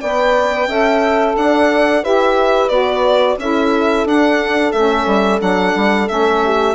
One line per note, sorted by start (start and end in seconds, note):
0.00 0.67 B3
0.00 0.68 B4
0.00 0.67 D5
0.00 1.35 G5
0.67 1.35 C#4
0.67 2.02 A4
0.67 1.36 E5
1.36 2.03 D4
1.36 2.03 D5
1.36 2.04 F#5
2.02 2.69 E4
2.02 2.69 G4
2.02 3.38 B4
2.02 2.68 E5
2.68 3.36 B3
2.68 3.37 F#4
2.68 3.36 D5
3.37 4.04 C#4
3.37 4.06 E4
3.37 6.44 A4
3.37 4.07 E5
4.04 4.72 D4
4.04 4.73 D4
4.04 4.72 F#5
4.72 5.06 A3
4.72 5.39 C#4
4.72 5.39 E5
5.06 5.40 G3
5.39 5.74 F#3
5.39 6.06 D4
5.39 6.08 F#5
5.75 6.08 G3
6.07 6.75 A3
6.07 6.74 C#4
6.07 6.75 E5
6.44 6.75 G4